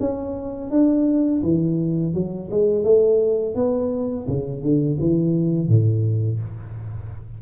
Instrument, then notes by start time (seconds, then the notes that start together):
tuba
0.00 C#4
0.70 D4
1.43 E3
2.14 F#3
2.51 G#3
2.84 A3
3.55 B3
4.28 C#3
4.62 D3
5.00 E3
5.68 A2